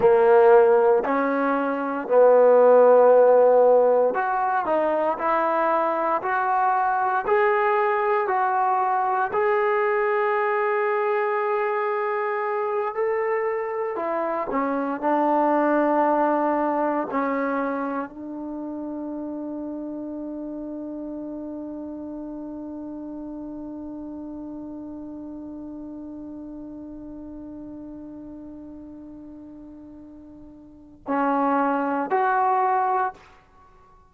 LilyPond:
\new Staff \with { instrumentName = "trombone" } { \time 4/4 \tempo 4 = 58 ais4 cis'4 b2 | fis'8 dis'8 e'4 fis'4 gis'4 | fis'4 gis'2.~ | gis'8 a'4 e'8 cis'8 d'4.~ |
d'8 cis'4 d'2~ d'8~ | d'1~ | d'1~ | d'2 cis'4 fis'4 | }